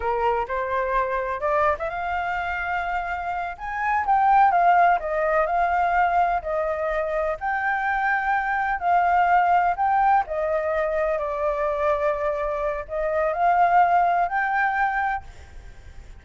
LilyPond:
\new Staff \with { instrumentName = "flute" } { \time 4/4 \tempo 4 = 126 ais'4 c''2 d''8. e''16 | f''2.~ f''8 gis''8~ | gis''8 g''4 f''4 dis''4 f''8~ | f''4. dis''2 g''8~ |
g''2~ g''8 f''4.~ | f''8 g''4 dis''2 d''8~ | d''2. dis''4 | f''2 g''2 | }